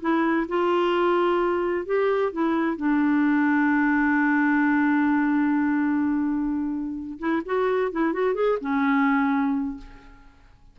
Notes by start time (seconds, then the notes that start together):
0.00 E4
0.48 F4
1.86 G4
2.32 E4
2.76 D4
7.19 E4
7.45 F#4
7.92 E4
8.13 F#4
8.34 G#4
8.61 C#4